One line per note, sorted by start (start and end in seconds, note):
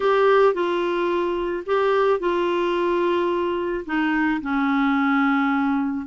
0.00 0.54 G4
0.54 1.64 F4
1.66 2.19 G4
2.19 3.84 F4
3.85 4.40 D#4
4.41 6.06 C#4